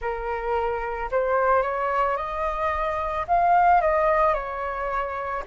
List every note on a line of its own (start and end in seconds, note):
0.00 1.10 A#4
1.11 1.62 C5
1.62 2.16 C#5
2.17 3.26 D#5
3.27 3.81 F5
3.81 4.33 D#5
4.33 5.42 C#5